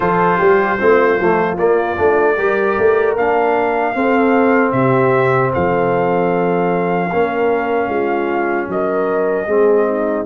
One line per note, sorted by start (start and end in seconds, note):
0.00 0.39 F3
0.00 0.78 F4
0.00 0.38 A4
0.00 1.57 C5
0.38 0.80 G3
0.38 0.77 G4
0.78 1.19 A3
0.78 1.18 C4
0.78 2.35 F4
1.19 1.58 F3
1.19 1.57 A3
1.57 1.96 A#3
1.57 1.97 A#3
1.57 3.16 D5
1.96 2.37 A3
1.96 2.36 D4
2.35 2.77 G3
2.35 3.16 G4
2.35 3.93 A#4
2.78 3.16 A3
3.16 3.95 A#3
3.16 3.94 D4
3.16 4.72 F5
3.94 7.10 C4
3.94 4.72 C4
3.94 4.72 A4
4.72 5.51 C3
4.72 5.51 G4
4.72 5.50 E5
5.52 7.13 F3
5.52 7.10 A4
5.52 8.69 F5
7.11 7.87 A#3
7.11 9.47 C#4
7.11 7.89 A#4
7.87 8.66 G#3
7.87 8.68 F4
8.68 9.47 F#3
8.68 9.46 A#4
8.68 10.25 D#5
9.46 10.25 G#3
9.46 10.25 C4
9.46 9.86 G#4
9.86 10.25 D#4